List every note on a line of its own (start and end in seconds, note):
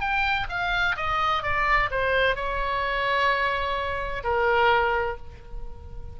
0.00 0.47 G5
0.49 0.96 F5
0.97 1.43 D#5
1.43 1.90 D5
1.91 2.36 C5
2.36 4.23 C#5
4.24 5.17 A#4